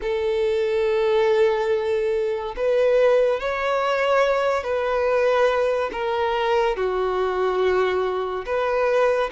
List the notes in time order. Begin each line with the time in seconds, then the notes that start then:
0.02 A4
2.56 B4
3.40 C#5
4.63 B4
5.92 A#4
6.76 F#4
8.45 B4